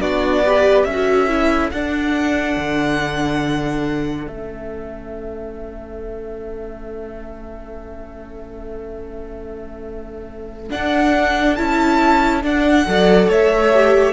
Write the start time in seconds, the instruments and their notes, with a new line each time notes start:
0.00 cello B3, viola D4, violin F#4 D5
0.45 viola G4, violin B4
0.84 cello C#4, violin A4 E5
0.92 viola F#4
1.28 viola E4
1.71 cello D4, viola D4, violin F#5
2.56 cello D3
4.27 cello A3, viola C#4, violin E5
10.70 viola D4, cello D4, violin F#5
11.55 cello C#4, viola E4, violin A5
12.43 viola D4, cello D4, violin F#5
12.87 cello F#3, viola A4, violin D5
13.28 cello A3, violin C#5 E5
13.74 viola G4